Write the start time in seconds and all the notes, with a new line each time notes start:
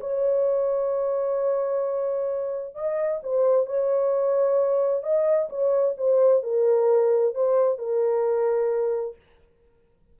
0.00 C#5
2.75 D#5
3.23 C5
3.66 C#5
5.03 D#5
5.49 C#5
5.97 C5
6.43 A#4
7.34 C5
7.78 A#4